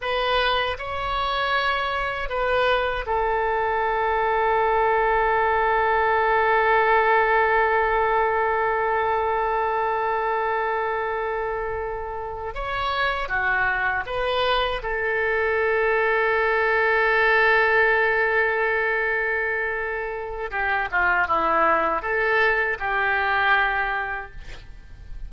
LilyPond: \new Staff \with { instrumentName = "oboe" } { \time 4/4 \tempo 4 = 79 b'4 cis''2 b'4 | a'1~ | a'1~ | a'1~ |
a'8 cis''4 fis'4 b'4 a'8~ | a'1~ | a'2. g'8 f'8 | e'4 a'4 g'2 | }